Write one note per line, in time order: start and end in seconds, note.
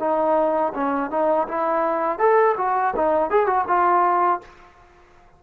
0.00 0.73 D#4
0.74 1.11 C#4
1.11 1.47 D#4
1.48 2.19 E4
2.19 2.56 A4
2.57 2.94 F#4
2.96 3.30 D#4
3.30 3.47 G#4
3.47 3.65 F#4
3.68 4.41 F4